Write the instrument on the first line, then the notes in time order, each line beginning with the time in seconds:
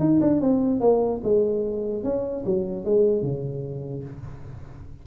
tuba
0.00 D#4
0.21 D4
0.41 C4
0.81 A#3
1.24 G#3
2.04 C#4
2.46 F#3
2.86 G#3
3.23 C#3